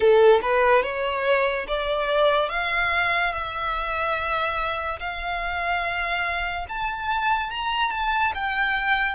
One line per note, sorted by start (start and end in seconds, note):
0.00 0.40 A4
0.42 0.82 B4
0.82 1.66 C#5
1.67 2.49 D5
2.49 3.32 F5
3.32 4.99 E5
4.99 6.66 F5
6.68 7.50 A5
7.50 7.90 A#5
7.90 8.32 A5
8.34 9.15 G5